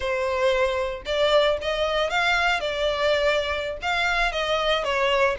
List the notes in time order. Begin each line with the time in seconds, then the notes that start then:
0.00 C5
1.05 D5
1.61 D#5
2.09 F5
2.60 D5
3.82 F5
4.32 D#5
4.84 C#5